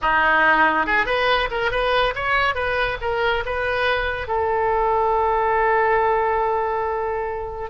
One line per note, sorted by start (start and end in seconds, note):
0.01 0.86 D#4
0.86 1.06 G#4
1.06 1.48 B4
1.50 1.71 A#4
1.71 2.14 B4
2.15 2.54 C#5
2.54 2.97 B4
3.01 3.44 A#4
3.45 4.27 B4
4.27 7.69 A4